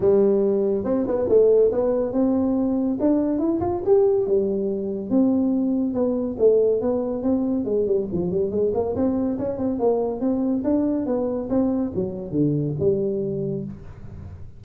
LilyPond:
\new Staff \with { instrumentName = "tuba" } { \time 4/4 \tempo 4 = 141 g2 c'8 b8 a4 | b4 c'2 d'4 | e'8 f'8 g'4 g2 | c'2 b4 a4 |
b4 c'4 gis8 g8 f8 g8 | gis8 ais8 c'4 cis'8 c'8 ais4 | c'4 d'4 b4 c'4 | fis4 d4 g2 | }